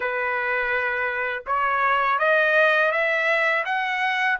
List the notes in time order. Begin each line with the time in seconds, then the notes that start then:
0.00 B4
1.46 C#5
2.19 D#5
2.91 E5
3.65 F#5